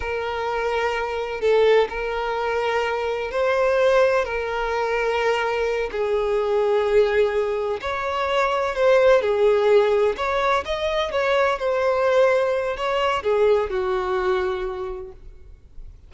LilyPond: \new Staff \with { instrumentName = "violin" } { \time 4/4 \tempo 4 = 127 ais'2. a'4 | ais'2. c''4~ | c''4 ais'2.~ | ais'8 gis'2.~ gis'8~ |
gis'8 cis''2 c''4 gis'8~ | gis'4. cis''4 dis''4 cis''8~ | cis''8 c''2~ c''8 cis''4 | gis'4 fis'2. | }